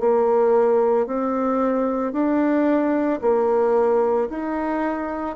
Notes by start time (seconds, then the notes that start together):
0.00 A#3
1.07 C4
2.13 D4
3.22 A#3
4.30 D#4